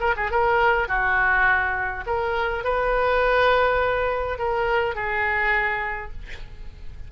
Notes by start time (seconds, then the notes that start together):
0.00 A#4
0.16 G#4
0.31 A#4
0.88 F#4
2.06 A#4
2.64 B4
4.38 A#4
4.95 G#4